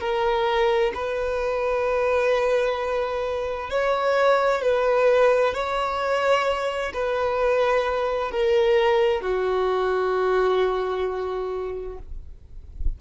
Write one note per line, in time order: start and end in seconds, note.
0.00 0.92 A#4
0.94 3.70 B4
3.70 4.62 C#5
4.62 5.54 B4
5.54 6.92 C#5
6.94 8.31 B4
8.31 9.21 A#4
9.21 11.98 F#4